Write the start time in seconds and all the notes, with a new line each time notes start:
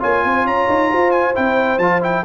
0.00 A#3 F4 C#5 G#5
0.24 C4 C5
0.45 C#4 C#5 A#5
0.69 D#4
0.91 F4 C5
1.12 G#5
1.34 C4 E4 G5
1.79 F3 F4 A5
2.01 E4 G5